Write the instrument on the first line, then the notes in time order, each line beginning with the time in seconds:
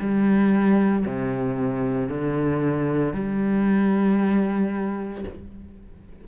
cello
0.00 G3
1.06 C3
2.10 D3
3.14 G3